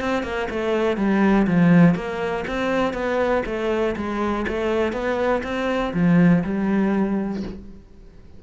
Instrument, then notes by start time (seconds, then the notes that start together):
cello
0.00 C4
0.23 A#3
0.50 A3
0.97 G3
1.47 F3
1.95 A#3
2.47 C4
2.93 B3
3.46 A3
3.96 G#3
4.48 A3
4.92 B3
5.43 C4
5.93 F3
6.43 G3